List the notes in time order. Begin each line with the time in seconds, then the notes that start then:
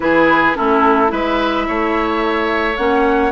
0.00 E3 E4 G#4 B4
0.55 A3 C#4 E4 A4
1.07 G#3 E4 B4 E5
1.67 A3 C#5
2.77 A#3 C#4 F#5